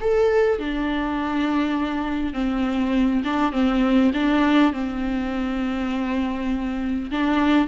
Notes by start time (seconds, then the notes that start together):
0.00 A4
0.58 D4
2.33 C4
3.24 D4
3.52 C4
4.13 D4
4.72 C4
7.10 D4